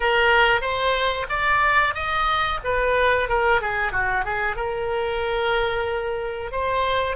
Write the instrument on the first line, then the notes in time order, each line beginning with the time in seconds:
oboe
0.00 A#4
0.61 C5
1.29 D5
1.94 D#5
2.64 B4
3.28 A#4
3.61 G#4
3.92 F#4
4.25 G#4
4.56 A#4
6.51 C5